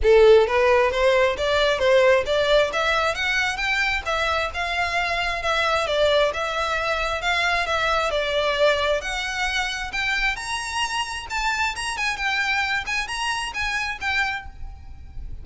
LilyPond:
\new Staff \with { instrumentName = "violin" } { \time 4/4 \tempo 4 = 133 a'4 b'4 c''4 d''4 | c''4 d''4 e''4 fis''4 | g''4 e''4 f''2 | e''4 d''4 e''2 |
f''4 e''4 d''2 | fis''2 g''4 ais''4~ | ais''4 a''4 ais''8 gis''8 g''4~ | g''8 gis''8 ais''4 gis''4 g''4 | }